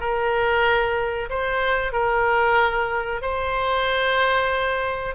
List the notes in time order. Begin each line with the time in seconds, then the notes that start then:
0.00 A#4
1.30 C5
1.92 A#4
3.22 C5